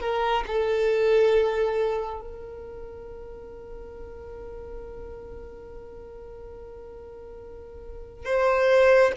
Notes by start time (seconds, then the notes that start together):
0.00 A#4
0.46 A4
2.21 A#4
8.25 C5